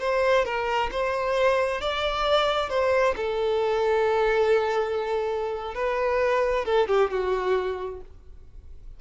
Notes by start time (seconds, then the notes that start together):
0.00 C5
0.45 A#4
0.91 C5
1.81 D5
2.70 C5
3.16 A4
5.75 B4
6.65 A4
6.88 G4
7.11 F#4